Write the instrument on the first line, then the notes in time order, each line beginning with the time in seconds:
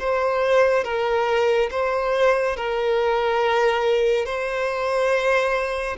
violin
0.00 C5
0.85 A#4
1.71 C5
2.57 A#4
4.26 C5